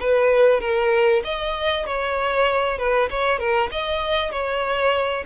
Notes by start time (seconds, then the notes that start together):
0.00 B4
0.60 A#4
1.24 D#5
1.86 C#5
2.78 B4
3.10 C#5
3.39 A#4
3.71 D#5
4.31 C#5